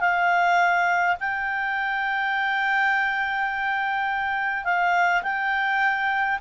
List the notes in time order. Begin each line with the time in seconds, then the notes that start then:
0.00 F5
1.20 G5
4.64 F5
5.23 G5